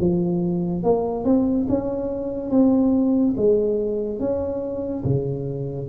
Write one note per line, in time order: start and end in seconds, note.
0.00 0.83 F3
0.83 1.24 A#3
1.24 1.67 C4
1.69 2.50 C#4
2.50 3.35 C4
3.37 4.19 G#3
4.19 5.04 C#4
5.05 5.89 C#3